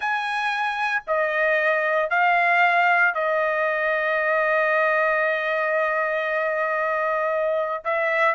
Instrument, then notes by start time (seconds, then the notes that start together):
trumpet
0.00 G#5
1.07 D#5
2.10 F5
3.14 D#5
7.84 E5